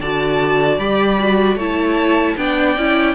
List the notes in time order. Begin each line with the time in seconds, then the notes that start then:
0.00 D3 F#4 D5 A5
0.78 G3 G4 B5
1.20 F#4
1.56 A3 E4 C#5 A5
2.37 B3 D4 D5 G5
2.76 C#4 E4